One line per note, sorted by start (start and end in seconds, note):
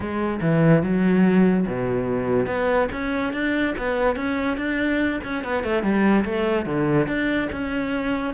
0.00 0.40 G#3
0.41 0.82 E3
0.82 1.66 F#3
1.67 2.46 B2
2.46 2.88 B3
2.91 3.33 C#4
3.33 3.75 D4
3.77 4.16 B3
4.16 4.57 C#4
4.57 5.20 D4
5.23 5.44 C#4
5.44 5.63 B3
5.63 5.82 A3
5.82 6.24 G3
6.24 6.65 A3
6.65 7.07 D3
7.07 7.48 D4
7.52 8.34 C#4